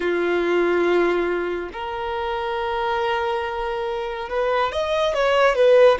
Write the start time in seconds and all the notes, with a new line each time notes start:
0.00 F4
1.73 A#4
4.29 B4
4.72 D#5
5.14 C#5
5.55 B4